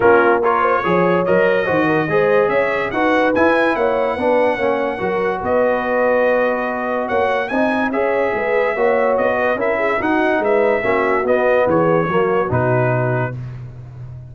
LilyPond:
<<
  \new Staff \with { instrumentName = "trumpet" } { \time 4/4 \tempo 4 = 144 ais'4 cis''2 dis''4~ | dis''2 e''4 fis''4 | gis''4 fis''2.~ | fis''4 dis''2.~ |
dis''4 fis''4 gis''4 e''4~ | e''2 dis''4 e''4 | fis''4 e''2 dis''4 | cis''2 b'2 | }
  \new Staff \with { instrumentName = "horn" } { \time 4/4 f'4 ais'8 c''8 cis''2 | c''8 ais'8 c''4 cis''4 b'4~ | b'4 cis''4 b'4 cis''4 | ais'4 b'2.~ |
b'4 cis''4 dis''4 cis''4 | b'4 cis''4. b'8 ais'8 gis'8 | fis'4 b'4 fis'2 | gis'4 fis'2. | }
  \new Staff \with { instrumentName = "trombone" } { \time 4/4 cis'4 f'4 gis'4 ais'4 | fis'4 gis'2 fis'4 | e'2 d'4 cis'4 | fis'1~ |
fis'2 dis'4 gis'4~ | gis'4 fis'2 e'4 | dis'2 cis'4 b4~ | b4 ais4 dis'2 | }
  \new Staff \with { instrumentName = "tuba" } { \time 4/4 ais2 f4 fis4 | dis4 gis4 cis'4 dis'4 | e'4 ais4 b4 ais4 | fis4 b2.~ |
b4 ais4 c'4 cis'4 | gis4 ais4 b4 cis'4 | dis'4 gis4 ais4 b4 | e4 fis4 b,2 | }
>>